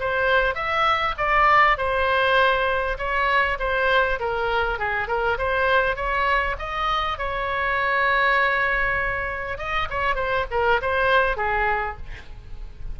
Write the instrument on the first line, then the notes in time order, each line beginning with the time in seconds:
oboe
0.00 C5
0.55 E5
1.18 D5
1.77 C5
2.98 C#5
3.59 C5
4.19 A#4
4.79 G#4
5.08 A#4
5.38 C5
5.96 C#5
6.59 D#5
7.18 C#5
9.58 D#5
9.90 C#5
10.15 C5
10.51 A#4
10.81 C5
11.37 G#4